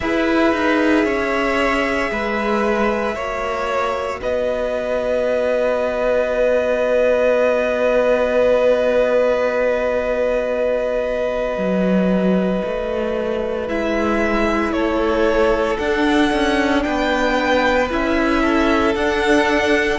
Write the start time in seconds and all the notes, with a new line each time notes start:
0.00 E4 G#4 B4 E5
0.52 D#4
1.05 C#4 C#5
2.11 G#3 B4
3.14 A#3 F#4 C#5
4.21 B3 B4 D#5
11.57 F#3
12.64 A3
13.68 G#3 E4 E5
14.72 A3 A4 C#5
15.77 D4 F#5
16.32 C#4
16.82 B3 B4 G5
17.90 C#4 E4 E5
18.41 A4
18.95 D4 F#5